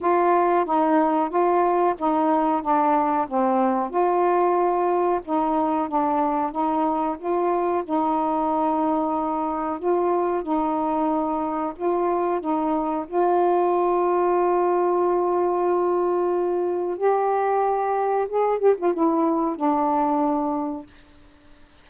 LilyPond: \new Staff \with { instrumentName = "saxophone" } { \time 4/4 \tempo 4 = 92 f'4 dis'4 f'4 dis'4 | d'4 c'4 f'2 | dis'4 d'4 dis'4 f'4 | dis'2. f'4 |
dis'2 f'4 dis'4 | f'1~ | f'2 g'2 | gis'8 g'16 f'16 e'4 d'2 | }